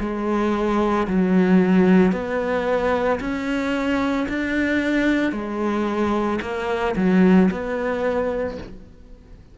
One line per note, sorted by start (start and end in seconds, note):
0.00 1.07 G#3
1.08 2.12 F#3
2.12 3.19 B3
3.20 4.28 C#4
4.29 5.32 D4
5.32 6.39 G#3
6.41 6.95 A#3
6.96 7.50 F#3
7.51 8.58 B3